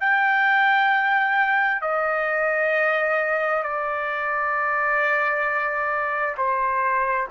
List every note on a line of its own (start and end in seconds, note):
0.00 1.81 G5
1.81 3.63 D#5
3.63 6.36 D5
6.37 7.28 C5